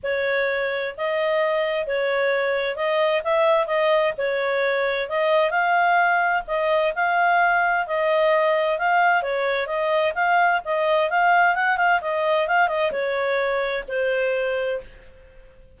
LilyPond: \new Staff \with { instrumentName = "clarinet" } { \time 4/4 \tempo 4 = 130 cis''2 dis''2 | cis''2 dis''4 e''4 | dis''4 cis''2 dis''4 | f''2 dis''4 f''4~ |
f''4 dis''2 f''4 | cis''4 dis''4 f''4 dis''4 | f''4 fis''8 f''8 dis''4 f''8 dis''8 | cis''2 c''2 | }